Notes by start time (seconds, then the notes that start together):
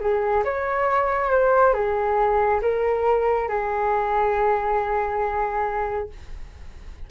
0.00 G#4
0.45 C#5
1.31 C5
1.74 G#4
2.62 A#4
3.48 G#4